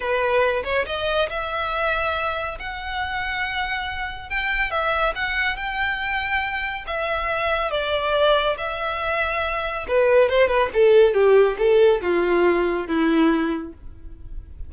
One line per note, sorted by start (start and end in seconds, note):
0.00 0.63 B4
0.64 0.85 C#5
0.86 1.29 D#5
1.29 2.58 E5
2.59 4.29 F#5
4.29 4.70 G5
4.70 5.13 E5
5.15 5.56 F#5
5.56 6.85 G5
6.86 7.70 E5
7.70 8.56 D5
8.57 9.86 E5
9.88 10.29 B4
10.29 10.47 C5
10.47 10.69 B4
10.73 11.14 A4
11.14 11.56 G4
11.58 12.01 A4
12.01 12.87 F4
12.87 13.73 E4